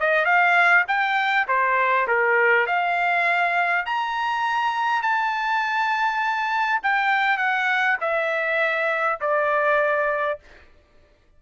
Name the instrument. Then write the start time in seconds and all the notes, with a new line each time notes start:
trumpet
0.00 D#5
0.25 F5
0.88 G5
1.48 C5
2.07 A#4
2.67 F5
3.86 A#5
5.02 A5
6.83 G5
7.38 F#5
8.01 E5
9.21 D5